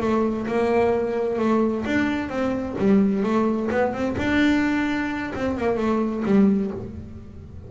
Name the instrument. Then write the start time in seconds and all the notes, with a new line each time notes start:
double bass
0.00 A3
0.47 A#3
1.38 A3
1.85 D4
2.29 C4
2.78 G3
3.23 A3
3.71 B3
3.93 C4
4.17 D4
5.35 C4
5.57 A#3
5.77 A3
6.25 G3